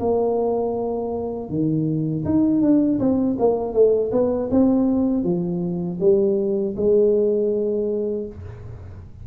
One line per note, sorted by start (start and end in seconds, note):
0.00 1.50 A#3
1.50 2.25 D#3
2.25 2.61 D#4
2.61 2.99 D4
2.99 3.37 C4
3.39 3.74 A#3
3.74 4.11 A3
4.12 4.50 B3
4.51 5.24 C4
5.24 5.99 F3
6.00 6.75 G3
6.77 8.27 G#3